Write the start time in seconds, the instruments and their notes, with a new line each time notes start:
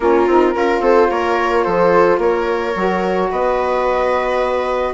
0.00 bassoon A#3, saxophone C#4, viola F4, flute A#4
0.27 bassoon C4, saxophone D#4
0.52 bassoon C#4, saxophone F4, viola A#4
0.80 bassoon C4, viola A4, flute C5
1.10 bassoon A#3, viola A#4, flute C#5
1.63 bassoon F3, viola A4, flute C5
2.18 bassoon A#3, viola A#4, flute C#5
2.75 bassoon F#3, saxophone F#4
3.31 bassoon B3, viola B4, flute D#5